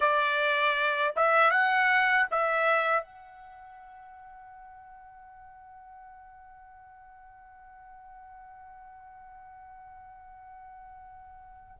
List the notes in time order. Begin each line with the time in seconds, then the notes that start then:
0.00 D5
1.16 E5
1.51 F#5
2.30 E5
3.03 F#5